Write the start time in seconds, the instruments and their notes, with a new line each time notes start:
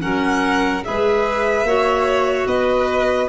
0.00 tuba F#3, clarinet C#4, violin A#4 F#5
0.84 tuba G#3, clarinet G#4, violin B4 E5
1.63 tuba A#3, clarinet F#4, violin C#5
2.47 tuba B3, violin B4 D#5